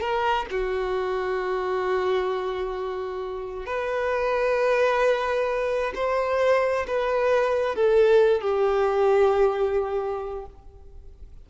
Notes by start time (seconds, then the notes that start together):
0.00 A#4
0.50 F#4
3.65 B4
5.95 C5
6.87 B4
7.75 A4
8.40 G4